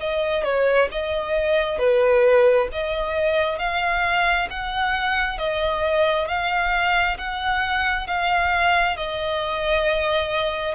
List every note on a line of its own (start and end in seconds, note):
0.00 0.44 D#5
0.44 0.88 C#5
0.92 1.79 D#5
1.79 2.68 B4
2.72 3.59 D#5
3.59 4.48 F5
4.50 5.38 F#5
5.38 6.28 D#5
6.28 7.17 F5
7.18 8.07 F#5
8.07 8.96 F5
8.96 10.75 D#5